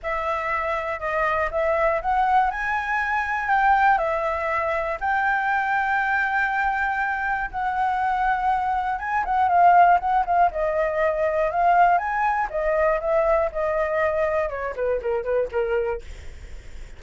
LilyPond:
\new Staff \with { instrumentName = "flute" } { \time 4/4 \tempo 4 = 120 e''2 dis''4 e''4 | fis''4 gis''2 g''4 | e''2 g''2~ | g''2. fis''4~ |
fis''2 gis''8 fis''8 f''4 | fis''8 f''8 dis''2 f''4 | gis''4 dis''4 e''4 dis''4~ | dis''4 cis''8 b'8 ais'8 b'8 ais'4 | }